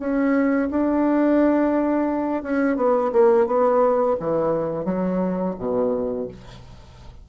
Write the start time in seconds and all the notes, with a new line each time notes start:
0.00 C#4
0.71 D4
2.43 C#4
2.77 B3
3.13 A#3
3.47 B3
4.20 E3
4.85 F#3
5.59 B2